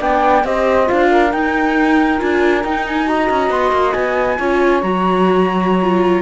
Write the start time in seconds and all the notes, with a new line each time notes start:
0.00 B3 D4 D5 G5
0.44 C4 G4 C5 D#5
0.86 D4 F4 F5
1.10 A#4
1.32 D#4 G5
2.18 D4 F4 G#5
2.64 D#4 G5
2.86 G#5
3.06 F#4 D#5 A#5
3.30 C#4
3.50 B3 C6
3.72 A#3
3.93 B3 G#5
4.38 C#4 F4 C#5
4.82 F#3 F#4 A#5
5.82 F4